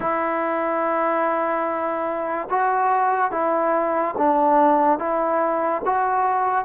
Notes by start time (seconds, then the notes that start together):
0.00 E4
2.50 F#4
3.31 E4
4.17 D4
4.98 E4
5.85 F#4